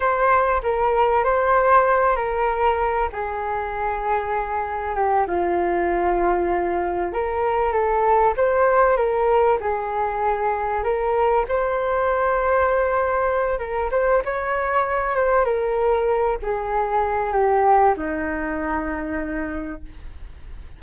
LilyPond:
\new Staff \with { instrumentName = "flute" } { \time 4/4 \tempo 4 = 97 c''4 ais'4 c''4. ais'8~ | ais'4 gis'2. | g'8 f'2. ais'8~ | ais'8 a'4 c''4 ais'4 gis'8~ |
gis'4. ais'4 c''4.~ | c''2 ais'8 c''8 cis''4~ | cis''8 c''8 ais'4. gis'4. | g'4 dis'2. | }